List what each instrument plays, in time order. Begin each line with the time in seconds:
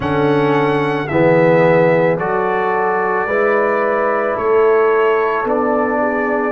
0.00 tuba D3, trombone C#4, horn A4, trumpet F#5
1.07 tuba E3, trombone B3, horn G#4, trumpet E5
2.18 tuba F#3, trombone F#4, horn A4, trumpet D5
3.25 tuba G#3, trombone E4, horn B4
4.35 tuba A3, horn A4, trumpet C#5
5.44 tuba B3, trombone D4, trumpet D5
6.00 horn G#4